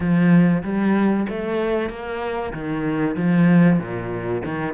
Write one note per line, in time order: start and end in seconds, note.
0.00 0.63 F3
0.63 1.26 G3
1.29 1.89 A3
1.89 2.52 A#3
2.53 3.16 D#3
3.16 3.79 F3
3.79 4.42 A#2
4.44 4.74 D#3